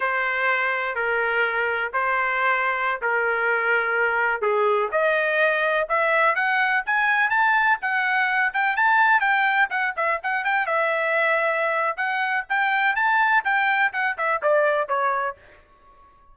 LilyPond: \new Staff \with { instrumentName = "trumpet" } { \time 4/4 \tempo 4 = 125 c''2 ais'2 | c''2~ c''16 ais'4.~ ais'16~ | ais'4~ ais'16 gis'4 dis''4.~ dis''16~ | dis''16 e''4 fis''4 gis''4 a''8.~ |
a''16 fis''4. g''8 a''4 g''8.~ | g''16 fis''8 e''8 fis''8 g''8 e''4.~ e''16~ | e''4 fis''4 g''4 a''4 | g''4 fis''8 e''8 d''4 cis''4 | }